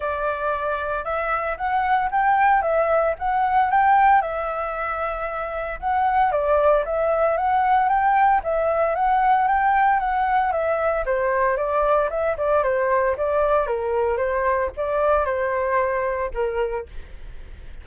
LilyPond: \new Staff \with { instrumentName = "flute" } { \time 4/4 \tempo 4 = 114 d''2 e''4 fis''4 | g''4 e''4 fis''4 g''4 | e''2. fis''4 | d''4 e''4 fis''4 g''4 |
e''4 fis''4 g''4 fis''4 | e''4 c''4 d''4 e''8 d''8 | c''4 d''4 ais'4 c''4 | d''4 c''2 ais'4 | }